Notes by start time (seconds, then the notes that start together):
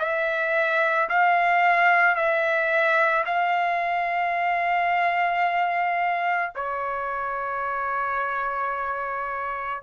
0.00 E5
1.10 F5
2.16 E5
3.26 F5
6.56 C#5